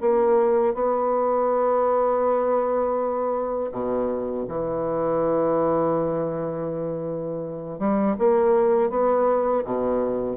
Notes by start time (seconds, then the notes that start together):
0.00 A#3
0.74 B3
3.71 B2
4.48 E3
7.78 G3
8.18 A#3
8.90 B3
9.64 B2